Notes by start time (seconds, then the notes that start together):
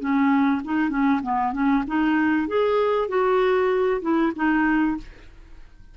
0.00 C#4
0.65 D#4
0.90 C#4
1.23 B3
1.53 C#4
1.87 D#4
2.48 G#4
3.09 F#4
4.02 E4
4.36 D#4